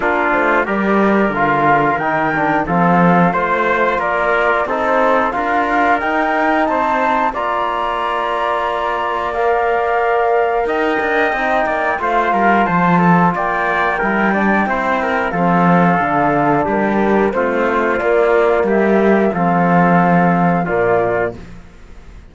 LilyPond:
<<
  \new Staff \with { instrumentName = "flute" } { \time 4/4 \tempo 4 = 90 ais'8 c''8 d''4 f''4 g''4 | f''4 c''4 d''4 c''4 | f''4 g''4 a''4 ais''4~ | ais''2 f''2 |
g''2 f''4 a''4 | g''2. f''4~ | f''4 ais'4 c''4 d''4 | e''4 f''2 d''4 | }
  \new Staff \with { instrumentName = "trumpet" } { \time 4/4 f'4 ais'2. | a'4 c''4 ais'4 a'4 | ais'2 c''4 d''4~ | d''1 |
dis''4. d''8 c''8 ais'8 c''8 a'8 | d''4 ais'8 d''8 c''8 ais'8 a'4~ | a'4 g'4 f'2 | g'4 a'2 f'4 | }
  \new Staff \with { instrumentName = "trombone" } { \time 4/4 d'4 g'4 f'4 dis'8 d'8 | c'4 f'2 dis'4 | f'4 dis'2 f'4~ | f'2 ais'2~ |
ais'4 dis'4 f'2~ | f'4 e'8 d'8 e'4 c'4 | d'2 c'4 ais4~ | ais4 c'2 ais4 | }
  \new Staff \with { instrumentName = "cello" } { \time 4/4 ais8 a8 g4 d4 dis4 | f4 a4 ais4 c'4 | d'4 dis'4 c'4 ais4~ | ais1 |
dis'8 d'8 c'8 ais8 a8 g8 f4 | ais4 g4 c'4 f4 | d4 g4 a4 ais4 | g4 f2 ais,4 | }
>>